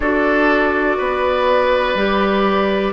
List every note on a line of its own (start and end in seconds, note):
0.00 0.97 D4
0.00 1.97 F#4
0.00 0.97 A4
0.00 2.93 D5
0.97 1.94 B3
0.97 2.93 B4
1.94 2.92 G3
1.94 2.93 G4